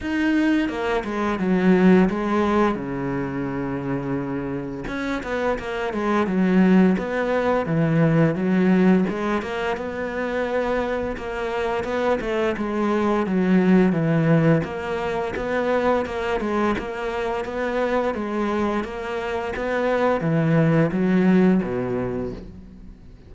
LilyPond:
\new Staff \with { instrumentName = "cello" } { \time 4/4 \tempo 4 = 86 dis'4 ais8 gis8 fis4 gis4 | cis2. cis'8 b8 | ais8 gis8 fis4 b4 e4 | fis4 gis8 ais8 b2 |
ais4 b8 a8 gis4 fis4 | e4 ais4 b4 ais8 gis8 | ais4 b4 gis4 ais4 | b4 e4 fis4 b,4 | }